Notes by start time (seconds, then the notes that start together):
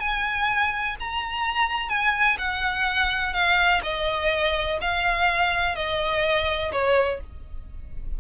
0.00 G#5
1.00 A#5
1.89 G#5
2.38 F#5
3.33 F5
3.83 D#5
4.81 F5
5.76 D#5
6.72 C#5